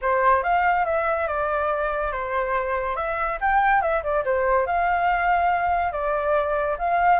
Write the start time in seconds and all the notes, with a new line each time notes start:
0.01 C5
0.43 F5
0.85 E5
1.27 D5
2.11 C5
2.96 E5
3.40 G5
3.81 E5
4.03 D5
4.24 C5
4.66 F5
5.92 D5
6.78 F5